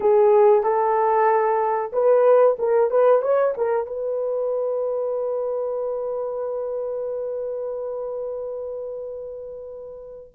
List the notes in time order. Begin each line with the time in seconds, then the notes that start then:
0.00 G#4
0.63 A4
1.92 B4
2.58 A#4
2.90 B4
3.22 C#5
3.57 A#4
3.86 B4